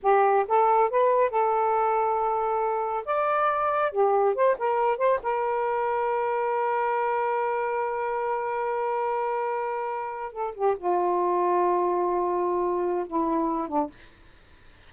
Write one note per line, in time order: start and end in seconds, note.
0.02 0.45 G4
0.48 0.90 A4
0.90 1.30 B4
1.30 3.04 A4
3.05 3.92 D5
3.92 4.34 G4
4.34 4.56 C5
4.58 4.97 A#4
4.97 5.19 C5
5.22 10.32 A#4
10.32 10.54 A4
10.54 10.76 G4
10.78 13.06 F4
13.06 13.68 E4
13.68 13.90 D4